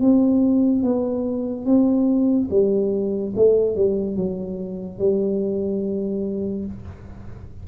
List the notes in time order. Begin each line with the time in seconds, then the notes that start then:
0.00 C4
0.82 B3
1.65 C4
2.50 G3
3.35 A3
3.75 G3
4.16 F#3
4.98 G3